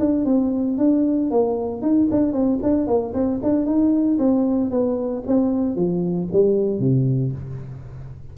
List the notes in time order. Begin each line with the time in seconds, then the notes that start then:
0.00 D4
0.26 C4
0.78 D4
1.31 A#3
1.83 D#4
2.11 D4
2.33 C4
2.63 D4
2.88 A#3
3.14 C4
3.43 D4
3.66 D#4
4.19 C4
4.71 B3
5.27 C4
5.76 F3
6.33 G3
6.80 C3